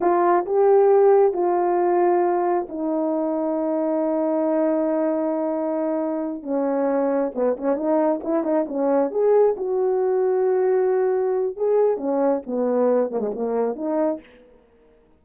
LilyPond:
\new Staff \with { instrumentName = "horn" } { \time 4/4 \tempo 4 = 135 f'4 g'2 f'4~ | f'2 dis'2~ | dis'1~ | dis'2~ dis'8 cis'4.~ |
cis'8 b8 cis'8 dis'4 e'8 dis'8 cis'8~ | cis'8 gis'4 fis'2~ fis'8~ | fis'2 gis'4 cis'4 | b4. ais16 gis16 ais4 dis'4 | }